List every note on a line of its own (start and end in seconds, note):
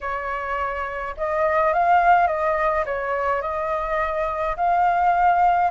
0.01 1.15 C#5
1.17 1.73 D#5
1.73 2.27 F5
2.27 2.84 D#5
2.85 3.41 C#5
3.41 4.56 D#5
4.56 5.70 F5